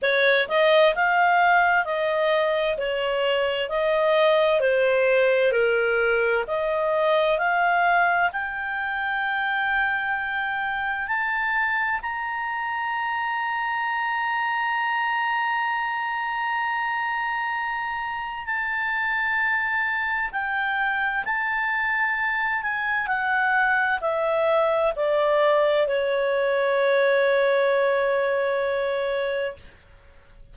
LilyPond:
\new Staff \with { instrumentName = "clarinet" } { \time 4/4 \tempo 4 = 65 cis''8 dis''8 f''4 dis''4 cis''4 | dis''4 c''4 ais'4 dis''4 | f''4 g''2. | a''4 ais''2.~ |
ais''1 | a''2 g''4 a''4~ | a''8 gis''8 fis''4 e''4 d''4 | cis''1 | }